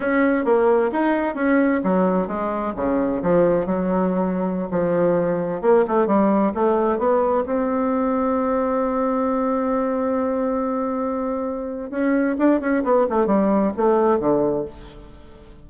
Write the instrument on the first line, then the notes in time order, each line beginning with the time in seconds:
bassoon
0.00 C#4
0.45 A#3
0.92 D#4
1.34 C#4
1.83 F#3
2.27 G#3
2.76 C#3
3.22 F3
3.65 F#3
4.70 F3
5.61 A#3
5.87 A3
6.06 G3
6.54 A3
6.98 B3
7.45 C4
11.90 C#4
12.38 D4
12.60 C#4
12.83 B3
13.09 A3
13.26 G3
13.76 A3
14.19 D3